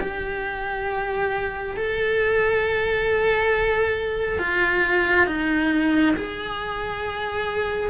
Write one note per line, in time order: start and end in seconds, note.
0.00 1.76 G4
1.76 4.38 A4
4.38 5.26 F4
5.26 6.14 D#4
6.16 7.90 G#4